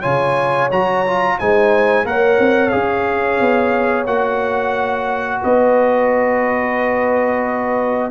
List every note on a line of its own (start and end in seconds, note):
0.00 0.71 C#3
0.00 0.69 F4
0.00 1.35 C#5
0.00 0.68 G#5
0.71 1.38 F#3
0.71 1.05 F#4
0.71 1.38 A#5
1.06 1.39 F4
1.38 2.04 G#3
1.38 2.05 D#4
1.38 2.06 C5
1.38 2.06 G#5
2.04 2.38 A#3
2.04 2.70 A#4
2.04 5.41 C#5
2.04 2.69 F#5
2.39 2.73 C4
2.69 3.40 C#4
2.69 4.05 G#4
2.69 4.04 F5
3.40 4.06 B3
4.06 5.41 A#3
4.06 8.11 F#4
4.06 5.41 F#5
5.41 8.11 B3
5.41 8.11 B4
5.41 8.11 D#5